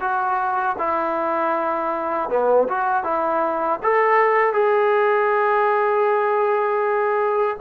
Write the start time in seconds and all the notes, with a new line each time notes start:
0.00 F#4
0.78 E4
2.29 B3
2.68 F#4
3.03 E4
3.83 A4
4.53 G#4